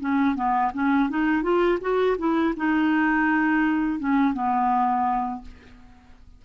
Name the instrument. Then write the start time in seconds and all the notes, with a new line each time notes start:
clarinet
0.00 C#4
0.35 B3
0.74 C#4
1.10 D#4
1.43 F4
1.81 F#4
2.19 E4
2.57 D#4
4.00 C#4
4.33 B3